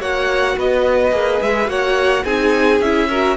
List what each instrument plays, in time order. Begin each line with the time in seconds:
0.00 cello A#3, viola F#4, violin C#5 F#5
0.57 cello B3, violin B4 D#5
1.12 cello A#3, viola G#4
1.42 cello G#3, violin E5
1.66 cello A#3, viola F#4, violin C#5 F#5
2.24 cello C4, viola D#4, violin G#4 G#5
2.80 cello C#4, viola E4, violin E5
3.09 viola F#4, violin A#4